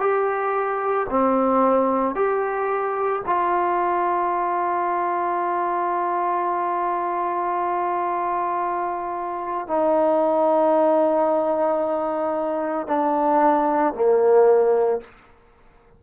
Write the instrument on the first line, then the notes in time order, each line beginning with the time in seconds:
trombone
0.00 G4
1.10 C4
2.15 G4
3.26 F4
9.67 D#4
12.87 D4
13.94 A#3